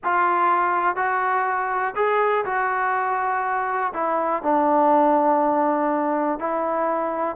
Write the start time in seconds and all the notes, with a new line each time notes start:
0.04 F4
0.95 F#4
1.95 G#4
2.45 F#4
3.93 E4
4.42 D4
6.39 E4